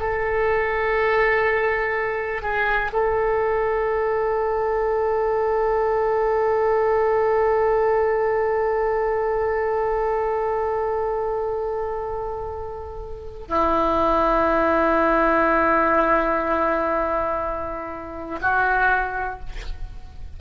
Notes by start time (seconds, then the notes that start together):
0.00 A4
2.42 G#4
2.93 A4
13.48 E4
18.42 F#4